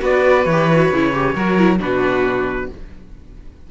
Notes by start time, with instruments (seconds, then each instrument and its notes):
0.00 cello B3, viola F#4, violin B4, trumpet D5
0.45 cello E3, trumpet C#5
0.52 viola G4
0.71 viola F#4
0.92 cello C#3, viola E4
1.13 viola G4
1.34 cello F#3, viola F#4, violin A#4
1.58 viola E4
1.79 cello B2, viola D4, violin F#4, trumpet B4